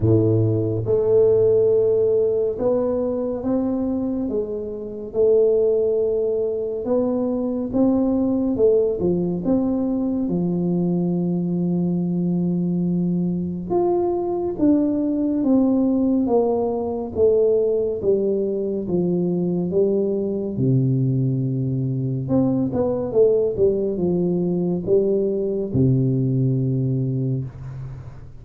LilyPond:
\new Staff \with { instrumentName = "tuba" } { \time 4/4 \tempo 4 = 70 a,4 a2 b4 | c'4 gis4 a2 | b4 c'4 a8 f8 c'4 | f1 |
f'4 d'4 c'4 ais4 | a4 g4 f4 g4 | c2 c'8 b8 a8 g8 | f4 g4 c2 | }